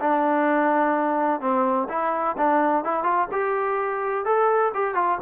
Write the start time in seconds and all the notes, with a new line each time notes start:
0.00 D4
1.40 C4
1.89 E4
2.38 D4
2.84 E4
3.04 F4
3.32 G4
4.25 A4
4.74 G4
4.95 F4